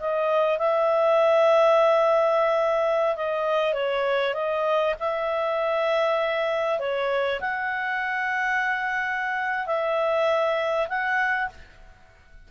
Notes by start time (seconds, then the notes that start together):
0.00 D#5
0.59 E5
3.17 D#5
3.74 C#5
4.34 D#5
5.00 E5
6.80 C#5
7.41 F#5
9.67 E5
10.89 F#5